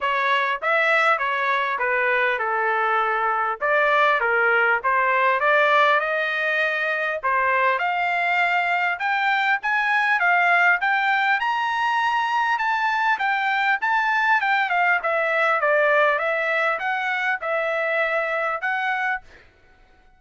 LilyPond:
\new Staff \with { instrumentName = "trumpet" } { \time 4/4 \tempo 4 = 100 cis''4 e''4 cis''4 b'4 | a'2 d''4 ais'4 | c''4 d''4 dis''2 | c''4 f''2 g''4 |
gis''4 f''4 g''4 ais''4~ | ais''4 a''4 g''4 a''4 | g''8 f''8 e''4 d''4 e''4 | fis''4 e''2 fis''4 | }